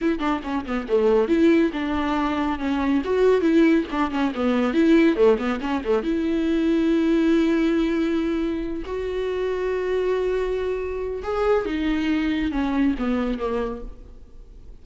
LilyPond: \new Staff \with { instrumentName = "viola" } { \time 4/4 \tempo 4 = 139 e'8 d'8 cis'8 b8 a4 e'4 | d'2 cis'4 fis'4 | e'4 d'8 cis'8 b4 e'4 | a8 b8 cis'8 a8 e'2~ |
e'1~ | e'8 fis'2.~ fis'8~ | fis'2 gis'4 dis'4~ | dis'4 cis'4 b4 ais4 | }